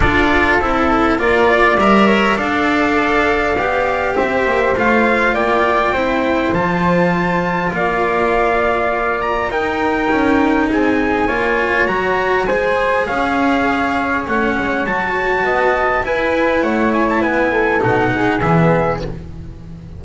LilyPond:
<<
  \new Staff \with { instrumentName = "trumpet" } { \time 4/4 \tempo 4 = 101 d''4 a'4 d''4 e''4 | f''2. e''4 | f''4 g''2 a''4~ | a''4 f''2~ f''8 ais''8 |
g''2 gis''2 | ais''4 gis''4 f''2 | fis''4 a''2 gis''4 | fis''8 gis''16 a''16 gis''4 fis''4 e''4 | }
  \new Staff \with { instrumentName = "flute" } { \time 4/4 a'2 ais'8 d''4 cis''8 | d''2. c''4~ | c''4 d''4 c''2~ | c''4 d''2. |
ais'2 gis'4 cis''4~ | cis''4 c''4 cis''2~ | cis''2 dis''4 b'4 | cis''4 b'8 a'4 gis'4. | }
  \new Staff \with { instrumentName = "cello" } { \time 4/4 f'4 e'4 f'4 ais'4 | a'2 g'2 | f'2 e'4 f'4~ | f'1 |
dis'2. f'4 | fis'4 gis'2. | cis'4 fis'2 e'4~ | e'2 dis'4 b4 | }
  \new Staff \with { instrumentName = "double bass" } { \time 4/4 d'4 c'4 ais4 g4 | d'2 b4 c'8 ais8 | a4 ais4 c'4 f4~ | f4 ais2. |
dis'4 cis'4 c'4 ais4 | fis4 gis4 cis'2 | a8 gis8 fis4 b4 e'4 | a4 b4 b,4 e4 | }
>>